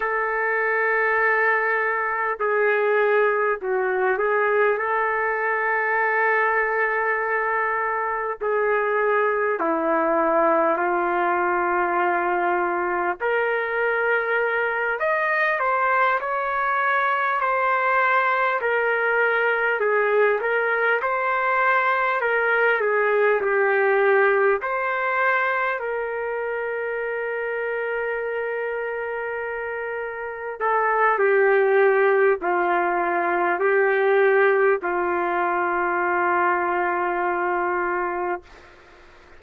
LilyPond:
\new Staff \with { instrumentName = "trumpet" } { \time 4/4 \tempo 4 = 50 a'2 gis'4 fis'8 gis'8 | a'2. gis'4 | e'4 f'2 ais'4~ | ais'8 dis''8 c''8 cis''4 c''4 ais'8~ |
ais'8 gis'8 ais'8 c''4 ais'8 gis'8 g'8~ | g'8 c''4 ais'2~ ais'8~ | ais'4. a'8 g'4 f'4 | g'4 f'2. | }